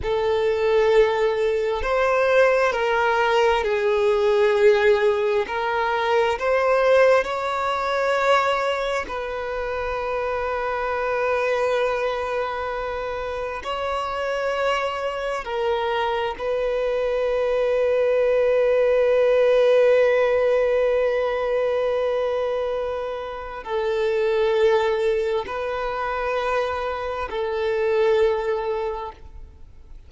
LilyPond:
\new Staff \with { instrumentName = "violin" } { \time 4/4 \tempo 4 = 66 a'2 c''4 ais'4 | gis'2 ais'4 c''4 | cis''2 b'2~ | b'2. cis''4~ |
cis''4 ais'4 b'2~ | b'1~ | b'2 a'2 | b'2 a'2 | }